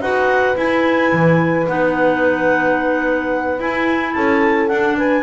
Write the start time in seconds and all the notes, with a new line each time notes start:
0.00 D#4 F#4 B4 F#5
0.55 E4 G#5
1.12 E3
1.66 B3 D#4 F#5
3.58 E4 G#5
4.13 C#4 A4 A5
4.68 D4 F#5
4.97 B4 G#5